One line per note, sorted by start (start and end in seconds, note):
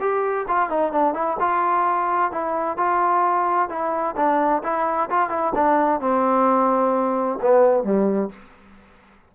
0.00 0.46 G4
0.48 0.70 F4
0.70 0.92 D#4
0.92 1.14 D4
1.14 1.37 E4
1.40 2.31 F4
2.31 2.77 E4
2.77 3.69 F4
3.69 4.15 E4
4.16 4.63 D4
4.63 5.09 E4
5.10 5.30 F4
5.30 5.53 E4
5.55 6.01 D4
6.01 7.39 C4
7.42 7.84 B3
7.84 8.30 G3